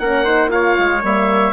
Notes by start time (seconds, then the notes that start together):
0.00 A#3 C#4 A#4 F#5
0.25 D#4 C5
0.49 F4 C#5 F5
0.79 G#3
1.04 G3 A#3 E5